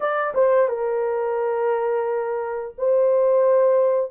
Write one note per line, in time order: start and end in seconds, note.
0.00 0.33 D5
0.34 0.68 C5
0.68 2.75 A#4
2.77 4.11 C5